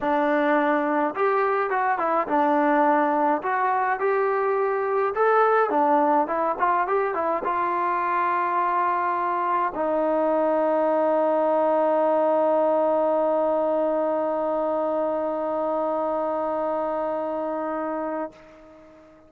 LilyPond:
\new Staff \with { instrumentName = "trombone" } { \time 4/4 \tempo 4 = 105 d'2 g'4 fis'8 e'8 | d'2 fis'4 g'4~ | g'4 a'4 d'4 e'8 f'8 | g'8 e'8 f'2.~ |
f'4 dis'2.~ | dis'1~ | dis'1~ | dis'1 | }